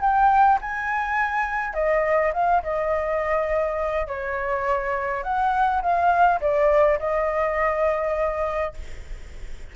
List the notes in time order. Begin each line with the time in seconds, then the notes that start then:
0.00 G5
0.61 G#5
1.73 D#5
2.33 F5
2.62 D#5
4.07 C#5
5.23 F#5
5.81 F5
6.40 D5
6.99 D#5